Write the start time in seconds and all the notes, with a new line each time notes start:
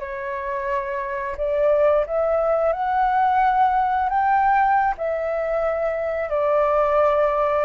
0.00 C#5
1.38 D5
2.07 E5
2.73 F#5
4.10 G5
4.98 E5
6.30 D5